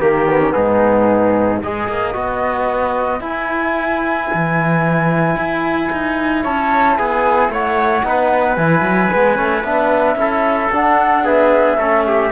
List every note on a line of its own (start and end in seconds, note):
0.00 0.54 D#3
0.00 0.27 A#3
0.00 0.54 G4
0.00 0.52 A#4
0.29 0.42 B3
0.42 0.50 C#4
0.50 1.57 B3
0.50 1.62 D#4
0.50 1.59 G#4
0.56 1.63 G#2
1.62 1.88 G#3
1.62 2.13 G#4
1.62 6.42 B4
1.62 3.21 D#5
1.88 2.15 A#3
2.13 3.20 B3
2.13 3.20 F#4
3.20 8.02 E4
3.20 4.27 E4
3.20 6.43 G#5
4.34 5.36 E3
5.36 5.90 E4
5.92 6.45 D#4
6.42 6.99 C#4
6.42 6.96 C#5
6.42 6.97 A5
6.97 7.49 B3
6.97 7.52 G#4
6.97 7.51 G#5
7.49 8.02 A3
7.49 8.05 C#5
7.49 8.56 F#5
8.04 8.57 B3
8.04 8.58 D#4
8.04 10.20 B4
8.56 8.81 E3
8.56 9.11 E4
8.56 9.63 G#5
8.81 9.08 F#3
9.11 9.38 G#3
9.11 9.35 B3
9.35 9.64 A3
9.35 9.62 C#4
9.64 10.15 B3
9.64 10.17 D4
9.64 10.71 E5
10.15 10.69 C#4
10.15 10.71 E4
10.15 11.24 A4
10.71 11.78 D4
10.71 11.23 D4
10.71 11.26 F#5
11.23 11.77 B3
11.23 11.77 G#4
11.23 12.32 E5
11.78 12.31 A3
11.78 12.32 C#4
11.78 12.05 A4
12.07 12.32 G4